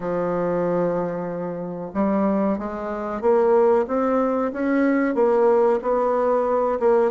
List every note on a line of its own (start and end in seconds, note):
0.00 1.91 F3
1.94 2.58 G3
2.58 3.21 G#3
3.21 3.85 A#3
3.87 4.52 C4
4.52 5.14 C#4
5.14 5.79 A#3
5.82 6.78 B3
6.79 7.11 A#3